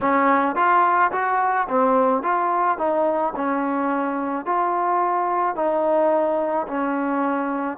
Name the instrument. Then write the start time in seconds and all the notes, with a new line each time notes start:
trombone
0.00 C#4
0.55 F4
1.11 F#4
1.69 C4
2.22 F4
2.78 D#4
3.35 C#4
4.45 F4
5.56 D#4
6.67 C#4